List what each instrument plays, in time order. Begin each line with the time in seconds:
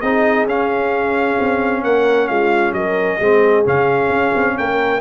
0.00 tuba C4, trombone D#4, horn G#4, trumpet D#5
0.46 tuba C#4, trombone C#4, trumpet F5
1.40 tuba C4
1.84 tuba A#3, horn A#4, trumpet F#5
2.27 tuba G#3, horn F4, trumpet F5
2.72 tuba F#3, horn A#4, trumpet D#5
3.18 tuba G#3, trombone C4, horn G#4
3.64 tuba C#3, trombone C#4, trumpet F5
4.09 tuba C#4
4.35 tuba C4
4.58 tuba A#3, horn A#4, trumpet G5